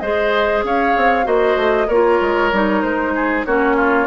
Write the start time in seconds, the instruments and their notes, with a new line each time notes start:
0.00 bassoon G#3, clarinet G#4, oboe C5, flute D#5
0.64 bassoon C#4, oboe C#5, flute F5
0.97 bassoon C4
1.24 bassoon A#3, clarinet F#4, oboe C5, flute D#5
1.56 bassoon A3
1.88 bassoon A#3, clarinet F4, oboe A#4, flute C#5
2.21 bassoon G#3
2.53 bassoon G3, clarinet D#4
2.82 bassoon G#3, flute C5
3.15 oboe G#4
3.45 bassoon A#3, clarinet C#4, oboe F#4, flute C#5
3.77 oboe F4